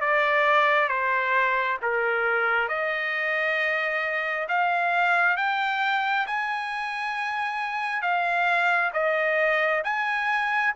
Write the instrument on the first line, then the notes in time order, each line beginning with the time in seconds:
trumpet
0.00 D5
0.88 C5
1.82 A#4
2.68 D#5
4.48 F5
5.36 G5
6.27 G#5
8.01 F5
8.93 D#5
9.84 G#5